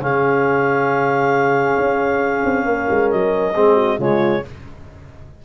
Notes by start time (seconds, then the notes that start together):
0.00 C#3 C#4 G#4 F5
1.78 C#4
2.45 C4
2.65 A#3 A#4
2.91 G#3
3.11 F#3 D#5
3.55 G#3 C4 G#4
3.75 F#4
3.99 C#3 G#3 F4 C#5